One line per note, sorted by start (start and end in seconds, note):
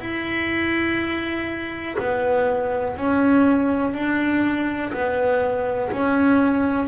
0.00 1.97 E4
1.99 2.96 B3
2.96 3.94 C#4
3.94 4.92 D4
4.93 5.92 B3
5.92 6.88 C#4